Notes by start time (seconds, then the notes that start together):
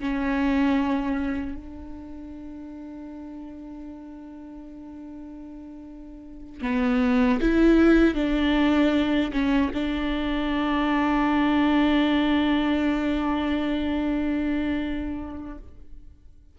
0.00 C#4
1.56 D4
6.62 B3
7.41 E4
8.15 D4
9.33 C#4
9.74 D4